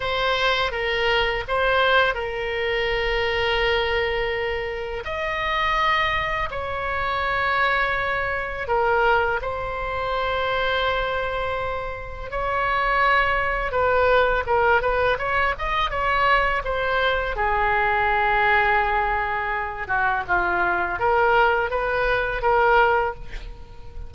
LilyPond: \new Staff \with { instrumentName = "oboe" } { \time 4/4 \tempo 4 = 83 c''4 ais'4 c''4 ais'4~ | ais'2. dis''4~ | dis''4 cis''2. | ais'4 c''2.~ |
c''4 cis''2 b'4 | ais'8 b'8 cis''8 dis''8 cis''4 c''4 | gis'2.~ gis'8 fis'8 | f'4 ais'4 b'4 ais'4 | }